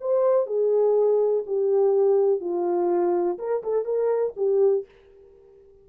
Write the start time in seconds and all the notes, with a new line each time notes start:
0.00 C5
0.46 G#4
1.46 G4
2.40 F4
3.38 A#4
3.63 A4
3.84 A#4
4.36 G4